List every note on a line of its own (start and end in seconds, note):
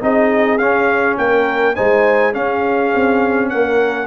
0.00 0.58 C4
0.00 0.58 D#4
0.00 1.19 G#4
0.00 0.58 D#5
0.58 1.17 C#4
0.58 1.75 C#4
0.58 1.16 F5
1.17 1.76 A#3
1.17 1.75 A#4
1.17 1.75 G5
1.75 2.36 G#3
1.75 2.33 D#4
1.75 2.33 C5
1.75 2.33 G#5
2.33 4.07 C#4
2.33 2.94 C#4
2.33 3.50 G#4
2.33 3.49 F5
2.95 3.53 C4
3.49 4.07 A#3
3.49 4.07 A#4
3.49 4.07 F#5